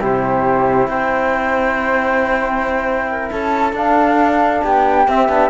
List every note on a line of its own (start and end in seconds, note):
0.00 0.88 C3
0.00 3.76 E4
0.00 0.88 G4
0.00 0.89 C5
0.88 3.30 C4
0.88 3.11 C5
0.88 3.31 G5
3.11 3.33 A#4
3.32 3.73 C#4
3.32 4.64 A4
3.32 3.76 A5
3.73 4.61 D4
3.73 5.08 D4
3.73 4.65 F5
4.64 5.08 B3
4.64 5.50 G4
4.64 5.09 G5
5.08 5.29 C4
5.08 5.50 E5
5.29 5.50 B3
5.29 5.50 D4